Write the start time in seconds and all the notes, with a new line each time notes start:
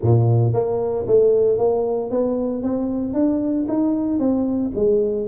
0.02 A#2
0.53 A#3
1.06 A3
1.58 A#3
2.10 B3
2.62 C4
3.13 D4
3.68 D#4
4.19 C4
4.75 G#3